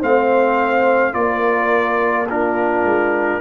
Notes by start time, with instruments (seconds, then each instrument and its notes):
0.00 tuba A3, trombone C4, horn C5, trumpet F5
1.13 tuba A#3, trombone F4, horn A#4, trumpet D5
2.30 trombone D4, horn F4, trumpet A#4
2.84 tuba G#3